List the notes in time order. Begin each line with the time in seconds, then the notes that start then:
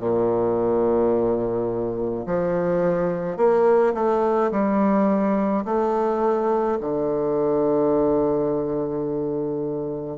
0.00 A#2
2.27 F3
3.38 A#3
3.95 A3
4.52 G3
5.66 A3
6.81 D3